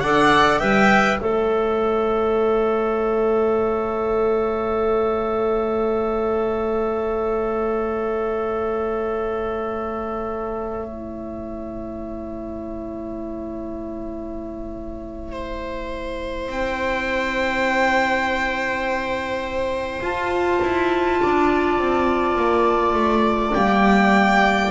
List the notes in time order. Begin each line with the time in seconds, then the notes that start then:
0.00 D4 A4 D5 F#5
0.59 G3 B4 E5 G5
1.19 A3 A4 C#5 E5
10.89 E4
15.32 C5
16.47 C4 G5
20.01 F4 A5
20.62 E4
21.21 D4 D5
21.78 C4
22.36 A#3
22.93 A3
23.54 G3 A#3 G5